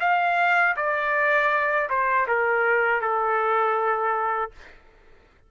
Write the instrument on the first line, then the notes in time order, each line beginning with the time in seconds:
trumpet
0.00 F5
0.76 D5
1.90 C5
2.27 A#4
3.01 A4